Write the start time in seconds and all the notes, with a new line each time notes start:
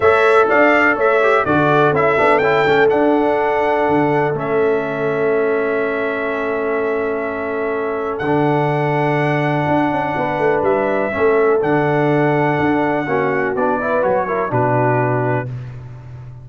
0.00 A3 A4 C#5 E5
0.48 D4 D5 F5
0.96 A3 C#5 E5
1.22 G4
1.45 D3 F#4 A4 D5
1.91 C#4 E4 E5
2.17 B3 D4
2.38 C#4 E4 G5
2.66 A3 C#4
2.89 D4 F#5
3.88 D3
4.33 A3 C#4 E5
8.18 D3 F#5
8.26 D4
9.67 D4
9.91 C#4
10.16 B3 B4
10.38 A3
10.61 G3 E5
11.11 A3 C#4 A4
11.61 D3 D4 F#5
12.59 D4
13.07 A#3 C#4 F#4
13.55 B3 D4 D5
13.80 E4 B4
14.02 F#3 F#4 C#5
14.27 E4 A#4
14.49 B2 D4 F#4 B4